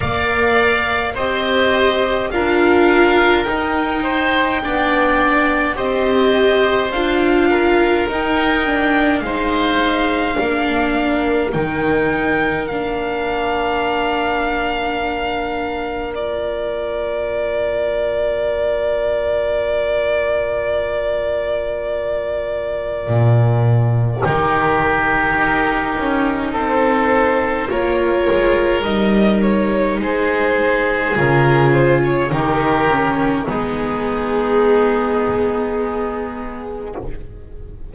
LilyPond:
<<
  \new Staff \with { instrumentName = "violin" } { \time 4/4 \tempo 4 = 52 f''4 dis''4 f''4 g''4~ | g''4 dis''4 f''4 g''4 | f''2 g''4 f''4~ | f''2 d''2~ |
d''1~ | d''4 ais'2 c''4 | cis''4 dis''8 cis''8 c''4 ais'8 c''16 cis''16 | ais'4 gis'2. | }
  \new Staff \with { instrumentName = "oboe" } { \time 4/4 d''4 c''4 ais'4. c''8 | d''4 c''4. ais'4. | c''4 ais'2.~ | ais'1~ |
ais'1~ | ais'4 g'2 a'4 | ais'2 gis'2 | g'4 dis'2. | }
  \new Staff \with { instrumentName = "viola" } { \time 4/4 ais'4 g'4 f'4 dis'4 | d'4 g'4 f'4 dis'8 d'8 | dis'4 d'4 dis'4 d'4~ | d'2 f'2~ |
f'1~ | f'4 dis'2. | f'4 dis'2 f'4 | dis'8 cis'8 b2. | }
  \new Staff \with { instrumentName = "double bass" } { \time 4/4 ais4 c'4 d'4 dis'4 | b4 c'4 d'4 dis'4 | gis4 ais4 dis4 ais4~ | ais1~ |
ais1 | ais,4 dis4 dis'8 cis'8 c'4 | ais8 gis8 g4 gis4 cis4 | dis4 gis2. | }
>>